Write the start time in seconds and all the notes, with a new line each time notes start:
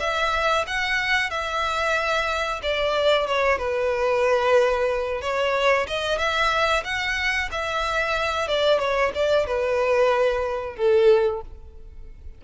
0.00 E5
0.67 F#5
1.30 E5
2.63 D5
3.27 C#5
3.59 B4
5.22 C#5
5.88 D#5
6.19 E5
6.84 F#5
7.52 E5
8.48 D5
8.80 C#5
9.15 D5
9.47 B4
10.76 A4